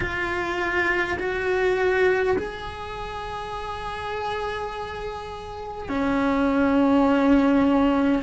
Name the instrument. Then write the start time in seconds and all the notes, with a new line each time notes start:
cello
0.00 F4
1.19 F#4
2.37 G#4
5.88 C#4